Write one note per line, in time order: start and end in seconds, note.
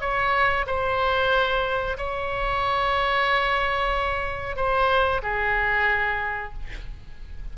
0.00 0.65 C#5
0.66 1.97 C5
1.97 4.56 C#5
4.56 5.21 C5
5.22 6.52 G#4